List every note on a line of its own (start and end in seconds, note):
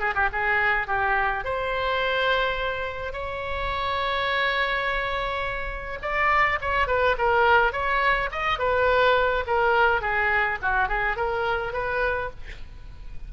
0.00 0.14 G#4
0.15 0.29 G4
0.33 0.88 G#4
0.88 1.45 G4
1.45 3.13 C5
3.13 5.99 C#5
6.02 6.59 D5
6.61 6.88 C#5
6.88 7.16 B4
7.18 7.72 A#4
7.72 8.30 C#5
8.32 8.59 D#5
8.59 9.45 B4
9.47 10.01 A#4
10.01 10.58 G#4
10.62 10.89 F#4
10.89 11.17 G#4
11.17 11.73 A#4
11.73 12.30 B4